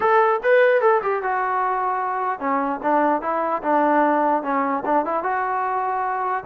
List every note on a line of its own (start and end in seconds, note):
0.00 0.40 A4
0.43 0.81 B4
0.81 1.01 A4
1.02 1.22 G4
1.22 2.39 F#4
2.39 2.79 C#4
2.82 3.21 D4
3.21 3.61 E4
3.62 4.43 D4
4.43 4.83 C#4
4.85 5.05 D4
5.05 5.23 E4
5.23 6.43 F#4